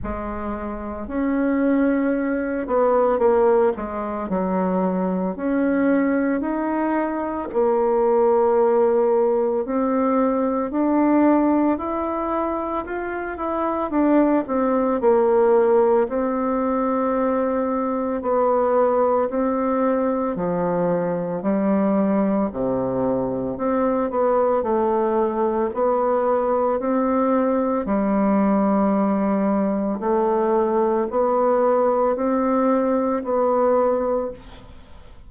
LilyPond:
\new Staff \with { instrumentName = "bassoon" } { \time 4/4 \tempo 4 = 56 gis4 cis'4. b8 ais8 gis8 | fis4 cis'4 dis'4 ais4~ | ais4 c'4 d'4 e'4 | f'8 e'8 d'8 c'8 ais4 c'4~ |
c'4 b4 c'4 f4 | g4 c4 c'8 b8 a4 | b4 c'4 g2 | a4 b4 c'4 b4 | }